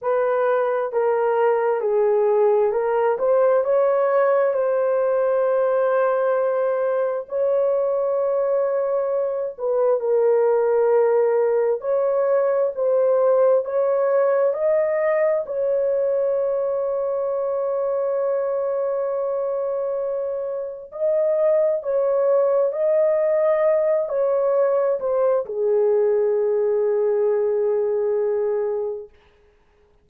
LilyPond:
\new Staff \with { instrumentName = "horn" } { \time 4/4 \tempo 4 = 66 b'4 ais'4 gis'4 ais'8 c''8 | cis''4 c''2. | cis''2~ cis''8 b'8 ais'4~ | ais'4 cis''4 c''4 cis''4 |
dis''4 cis''2.~ | cis''2. dis''4 | cis''4 dis''4. cis''4 c''8 | gis'1 | }